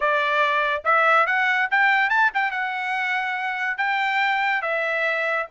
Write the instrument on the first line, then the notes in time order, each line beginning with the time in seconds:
trumpet
0.00 D5
0.84 E5
1.26 F#5
1.71 G5
2.09 A5
2.34 G5
2.51 F#5
3.77 G5
4.62 E5